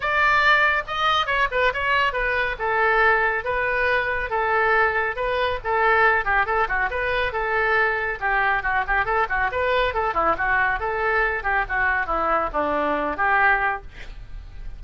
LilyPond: \new Staff \with { instrumentName = "oboe" } { \time 4/4 \tempo 4 = 139 d''2 dis''4 cis''8 b'8 | cis''4 b'4 a'2 | b'2 a'2 | b'4 a'4. g'8 a'8 fis'8 |
b'4 a'2 g'4 | fis'8 g'8 a'8 fis'8 b'4 a'8 e'8 | fis'4 a'4. g'8 fis'4 | e'4 d'4. g'4. | }